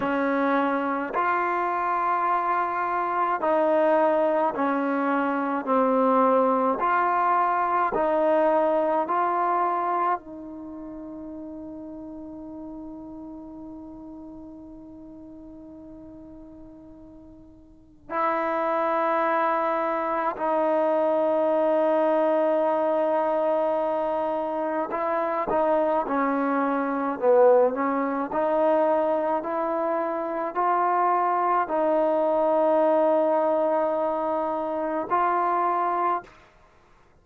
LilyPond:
\new Staff \with { instrumentName = "trombone" } { \time 4/4 \tempo 4 = 53 cis'4 f'2 dis'4 | cis'4 c'4 f'4 dis'4 | f'4 dis'2.~ | dis'1 |
e'2 dis'2~ | dis'2 e'8 dis'8 cis'4 | b8 cis'8 dis'4 e'4 f'4 | dis'2. f'4 | }